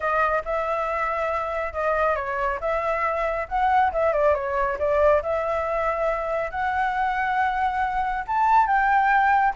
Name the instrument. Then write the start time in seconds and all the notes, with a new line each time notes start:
flute
0.00 D#5
0.44 E5
1.73 D#5
2.15 C#5
2.60 E5
3.48 F#5
3.92 E5
4.12 D5
4.34 C#5
4.78 D5
5.22 E5
6.50 F#5
8.27 A5
8.67 G5